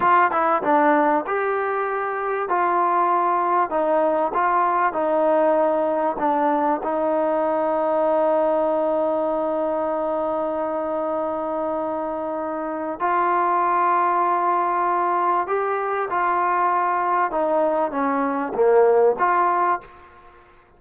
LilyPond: \new Staff \with { instrumentName = "trombone" } { \time 4/4 \tempo 4 = 97 f'8 e'8 d'4 g'2 | f'2 dis'4 f'4 | dis'2 d'4 dis'4~ | dis'1~ |
dis'1~ | dis'4 f'2.~ | f'4 g'4 f'2 | dis'4 cis'4 ais4 f'4 | }